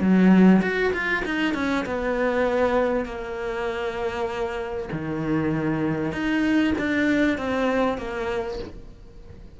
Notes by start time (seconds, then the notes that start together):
0.00 F#3
0.62 F#4
0.93 F4
1.25 D#4
1.54 C#4
1.85 B3
3.05 A#3
4.92 D#3
6.12 D#4
6.78 D4
7.37 C4
7.97 A#3